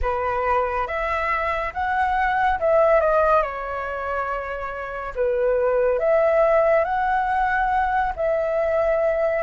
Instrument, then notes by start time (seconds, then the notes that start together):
flute
0.01 B4
0.87 E5
1.73 F#5
2.59 E5
3.00 D#5
3.42 C#5
5.15 B4
5.99 E5
6.84 F#5
8.16 E5